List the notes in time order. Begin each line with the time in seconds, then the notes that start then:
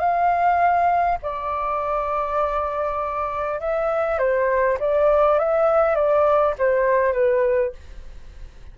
0.00 F5
1.23 D5
3.60 E5
4.19 C5
4.80 D5
5.39 E5
5.95 D5
6.59 C5
7.13 B4